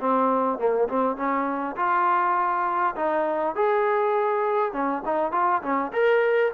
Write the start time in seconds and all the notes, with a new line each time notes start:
0.00 C4
0.59 A#3
0.89 C4
1.17 C#4
1.77 F4
2.96 D#4
3.56 G#4
4.73 C#4
5.05 D#4
5.32 F4
5.63 C#4
5.93 A#4